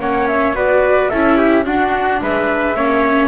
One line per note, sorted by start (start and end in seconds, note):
0.00 0.55 A#3
0.00 0.55 C#4
0.00 0.56 C#5
0.00 0.28 F#5
0.28 0.55 E5
0.55 1.10 B3
0.55 1.10 F#4
0.55 1.11 B4
0.55 1.09 D5
1.09 1.66 C#4
1.09 1.65 E4
1.09 1.37 A4
1.09 1.64 E5
1.37 1.65 G4
1.65 2.75 D4
1.65 2.21 D4
1.65 2.22 F#4
1.65 2.21 F#5
2.22 2.75 G#3
2.22 2.76 B4
2.22 3.28 E5
2.75 3.28 A#3
2.75 3.28 C#4
2.75 3.28 C#5